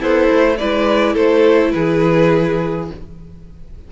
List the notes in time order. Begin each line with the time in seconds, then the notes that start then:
0.00 B3 E4 A4 C5
0.31 A3
0.58 G#3 E4 B4 D5
1.14 A3 A4 C5
1.72 E3 G#4 B4